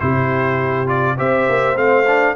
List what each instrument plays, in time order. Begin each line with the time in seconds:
0.00 tuba C3, trombone E4, horn G4, trumpet C5
0.87 trombone F4, trumpet D5
1.17 tuba C4, trombone G4, horn C5, trumpet E5
1.49 tuba A#3
1.76 tuba A3, trombone C4, trumpet F5
2.07 trombone D4